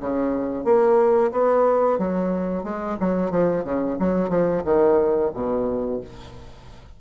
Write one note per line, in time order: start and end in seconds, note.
0.00 0.65 C#3
0.65 1.31 A#3
1.32 1.98 B3
1.98 2.64 F#3
2.64 2.97 G#3
3.00 3.31 F#3
3.31 3.64 F3
3.64 3.98 C#3
3.99 4.29 F#3
4.29 4.63 F3
4.65 5.31 D#3
5.34 6.00 B2